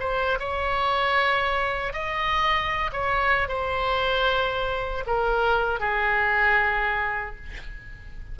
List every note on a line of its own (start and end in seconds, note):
0.00 0.39 C5
0.40 1.93 C#5
1.93 2.91 D#5
2.93 3.49 C#5
3.49 5.04 C5
5.07 5.80 A#4
5.80 7.36 G#4